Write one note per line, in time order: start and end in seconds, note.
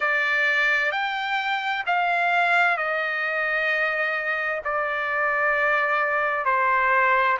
0.00 0.91 D5
0.91 1.83 G5
1.86 2.77 F5
2.77 4.62 D#5
4.64 6.45 D5
6.45 7.37 C5